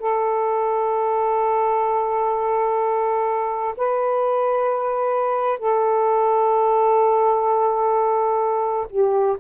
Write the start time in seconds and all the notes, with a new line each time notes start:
0.00 A4
3.77 B4
5.59 A4
8.90 G4